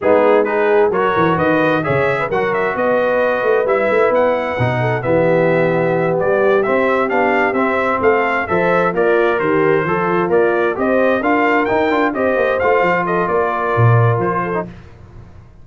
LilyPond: <<
  \new Staff \with { instrumentName = "trumpet" } { \time 4/4 \tempo 4 = 131 gis'4 b'4 cis''4 dis''4 | e''4 fis''8 e''8 dis''2 | e''4 fis''2 e''4~ | e''4. d''4 e''4 f''8~ |
f''8 e''4 f''4 e''4 d''8~ | d''8 c''2 d''4 dis''8~ | dis''8 f''4 g''4 dis''4 f''8~ | f''8 dis''8 d''2 c''4 | }
  \new Staff \with { instrumentName = "horn" } { \time 4/4 dis'4 gis'4 ais'4 b'4 | cis''8. b'16 ais'4 b'2~ | b'2~ b'8 a'8 g'4~ | g'1~ |
g'4. a'4 c''4 f'8~ | f'8 g'4 f'2 c''8~ | c''8 ais'2 c''4.~ | c''8 a'8 ais'2~ ais'8 a'8 | }
  \new Staff \with { instrumentName = "trombone" } { \time 4/4 b4 dis'4 fis'2 | gis'4 fis'2. | e'2 dis'4 b4~ | b2~ b8 c'4 d'8~ |
d'8 c'2 a'4 ais'8~ | ais'4. a'4 ais'4 g'8~ | g'8 f'4 dis'8 f'8 g'4 f'8~ | f'2.~ f'8. dis'16 | }
  \new Staff \with { instrumentName = "tuba" } { \time 4/4 gis2 fis8 e8 dis4 | cis4 fis4 b4. a8 | g8 a8 b4 b,4 e4~ | e4. g4 c'4 b8~ |
b8 c'4 a4 f4 ais8~ | ais8 dis4 f4 ais4 c'8~ | c'8 d'4 dis'8 d'8 c'8 ais8 a8 | f4 ais4 ais,4 f4 | }
>>